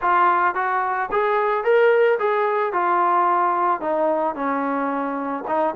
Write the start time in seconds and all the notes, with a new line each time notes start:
0.01 F4
0.55 F#4
1.11 G#4
1.64 A#4
2.19 G#4
2.72 F4
3.80 D#4
4.35 C#4
5.47 D#4